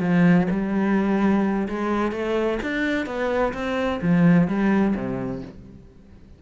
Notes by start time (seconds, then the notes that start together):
0.00 F3
0.50 G3
1.68 G#3
2.11 A3
2.62 D4
3.06 B3
3.53 C4
4.01 F3
4.47 G3
4.95 C3